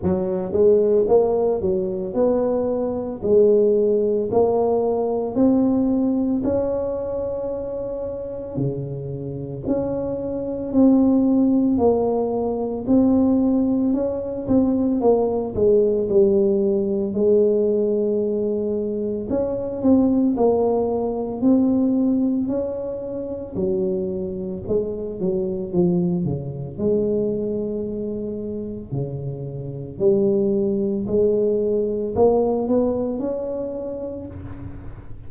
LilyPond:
\new Staff \with { instrumentName = "tuba" } { \time 4/4 \tempo 4 = 56 fis8 gis8 ais8 fis8 b4 gis4 | ais4 c'4 cis'2 | cis4 cis'4 c'4 ais4 | c'4 cis'8 c'8 ais8 gis8 g4 |
gis2 cis'8 c'8 ais4 | c'4 cis'4 fis4 gis8 fis8 | f8 cis8 gis2 cis4 | g4 gis4 ais8 b8 cis'4 | }